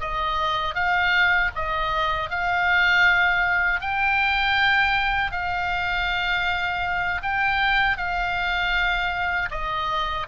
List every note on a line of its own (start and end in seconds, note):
0.00 0.75 D#5
0.75 1.51 F5
1.55 2.30 D#5
2.30 3.81 F5
3.81 5.32 G5
5.32 7.22 F5
7.23 7.97 G5
7.97 9.49 F5
9.51 10.27 D#5